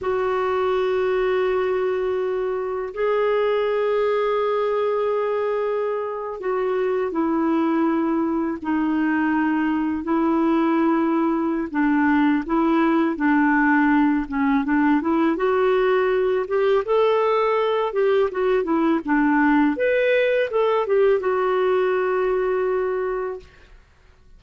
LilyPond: \new Staff \with { instrumentName = "clarinet" } { \time 4/4 \tempo 4 = 82 fis'1 | gis'1~ | gis'8. fis'4 e'2 dis'16~ | dis'4.~ dis'16 e'2~ e'16 |
d'4 e'4 d'4. cis'8 | d'8 e'8 fis'4. g'8 a'4~ | a'8 g'8 fis'8 e'8 d'4 b'4 | a'8 g'8 fis'2. | }